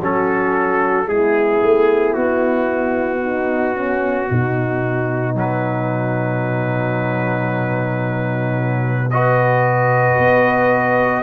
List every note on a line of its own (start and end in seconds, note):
0.00 1.07 F#3
0.00 1.07 C#4
0.00 1.07 F#4
0.00 1.08 A4
1.07 1.61 G#3
1.07 5.35 B3
1.07 3.22 E4
1.07 2.14 G#4
1.62 2.16 A3
2.14 4.30 B3
2.14 5.35 F#4
3.23 3.74 D#4
3.74 4.28 C#4
4.29 10.18 B2
4.29 9.11 D#4
5.35 9.10 F#3
5.35 9.10 B4
9.10 11.23 F#4
9.10 11.23 B4
9.10 11.23 D#5
10.18 11.23 B3